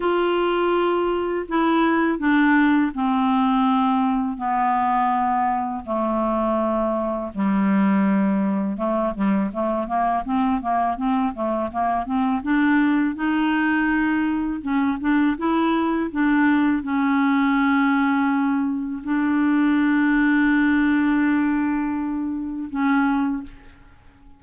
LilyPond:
\new Staff \with { instrumentName = "clarinet" } { \time 4/4 \tempo 4 = 82 f'2 e'4 d'4 | c'2 b2 | a2 g2 | a8 g8 a8 ais8 c'8 ais8 c'8 a8 |
ais8 c'8 d'4 dis'2 | cis'8 d'8 e'4 d'4 cis'4~ | cis'2 d'2~ | d'2. cis'4 | }